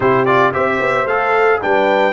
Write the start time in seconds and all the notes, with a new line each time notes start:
0.00 C3 E4 G4 C5
0.25 F4 D5
0.52 C4 G4 C5 E5
0.80 B3
1.05 A3 A4 F5
1.61 G3 D4 B4 G5